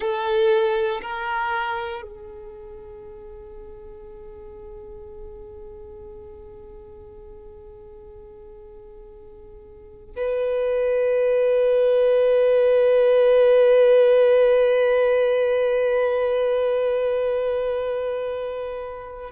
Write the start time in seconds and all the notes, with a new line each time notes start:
0.00 A4
1.01 A#4
2.02 G#4
10.16 B4